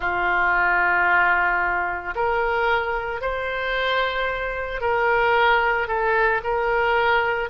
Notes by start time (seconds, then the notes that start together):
0.00 F4
2.15 A#4
3.21 C5
4.81 A#4
5.87 A4
6.43 A#4